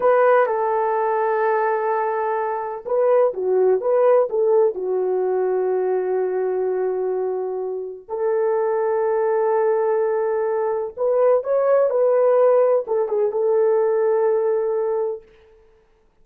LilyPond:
\new Staff \with { instrumentName = "horn" } { \time 4/4 \tempo 4 = 126 b'4 a'2.~ | a'2 b'4 fis'4 | b'4 a'4 fis'2~ | fis'1~ |
fis'4 a'2.~ | a'2. b'4 | cis''4 b'2 a'8 gis'8 | a'1 | }